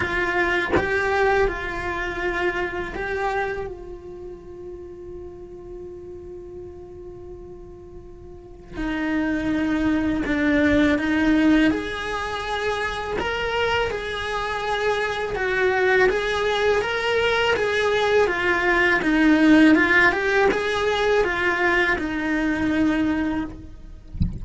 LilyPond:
\new Staff \with { instrumentName = "cello" } { \time 4/4 \tempo 4 = 82 f'4 g'4 f'2 | g'4 f'2.~ | f'1 | dis'2 d'4 dis'4 |
gis'2 ais'4 gis'4~ | gis'4 fis'4 gis'4 ais'4 | gis'4 f'4 dis'4 f'8 g'8 | gis'4 f'4 dis'2 | }